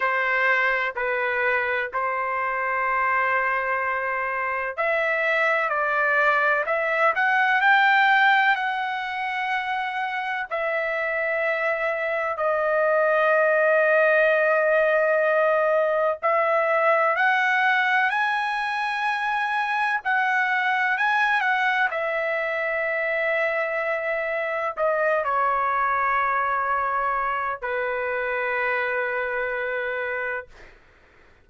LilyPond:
\new Staff \with { instrumentName = "trumpet" } { \time 4/4 \tempo 4 = 63 c''4 b'4 c''2~ | c''4 e''4 d''4 e''8 fis''8 | g''4 fis''2 e''4~ | e''4 dis''2.~ |
dis''4 e''4 fis''4 gis''4~ | gis''4 fis''4 gis''8 fis''8 e''4~ | e''2 dis''8 cis''4.~ | cis''4 b'2. | }